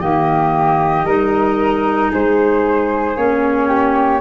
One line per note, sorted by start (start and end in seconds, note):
0.00 1.05 D#3
0.00 1.05 A#3
0.00 1.05 G4
0.00 2.12 D#5
1.05 2.10 G3
1.05 3.17 D#4
1.05 2.11 A#4
2.11 3.17 G#3
2.11 3.68 G#4
2.11 3.17 C5
3.17 4.21 A#3
3.17 4.21 C#4
3.17 4.21 C#5
3.68 4.20 G4